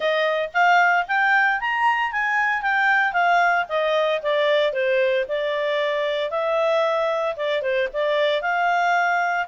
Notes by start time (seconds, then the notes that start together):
0.00 D#5
0.53 F5
1.07 G5
1.60 A#5
2.12 G#5
2.62 G5
3.12 F5
3.68 D#5
4.22 D5
4.72 C5
5.28 D5
6.30 E5
7.36 D5
7.61 C5
7.93 D5
8.41 F5